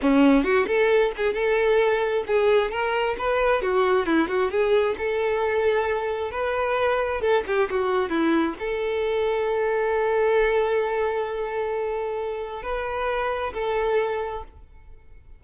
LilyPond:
\new Staff \with { instrumentName = "violin" } { \time 4/4 \tempo 4 = 133 cis'4 fis'8 a'4 gis'8 a'4~ | a'4 gis'4 ais'4 b'4 | fis'4 e'8 fis'8 gis'4 a'4~ | a'2 b'2 |
a'8 g'8 fis'4 e'4 a'4~ | a'1~ | a'1 | b'2 a'2 | }